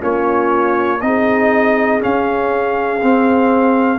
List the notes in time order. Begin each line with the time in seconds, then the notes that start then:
0.00 A#3 C#4 F4 C#5
1.01 C4 D#4 G#4 D#5
2.00 C#4 F5
3.02 C4